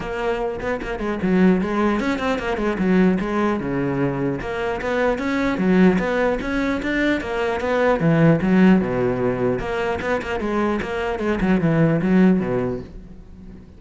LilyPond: \new Staff \with { instrumentName = "cello" } { \time 4/4 \tempo 4 = 150 ais4. b8 ais8 gis8 fis4 | gis4 cis'8 c'8 ais8 gis8 fis4 | gis4 cis2 ais4 | b4 cis'4 fis4 b4 |
cis'4 d'4 ais4 b4 | e4 fis4 b,2 | ais4 b8 ais8 gis4 ais4 | gis8 fis8 e4 fis4 b,4 | }